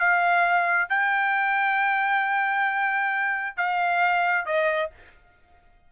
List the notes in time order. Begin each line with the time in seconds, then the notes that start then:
0.00 F5
0.90 G5
3.57 F5
4.46 D#5